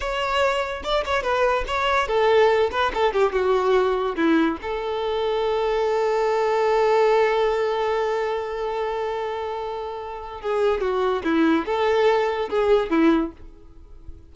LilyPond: \new Staff \with { instrumentName = "violin" } { \time 4/4 \tempo 4 = 144 cis''2 d''8 cis''8 b'4 | cis''4 a'4. b'8 a'8 g'8 | fis'2 e'4 a'4~ | a'1~ |
a'1~ | a'1~ | a'4 gis'4 fis'4 e'4 | a'2 gis'4 e'4 | }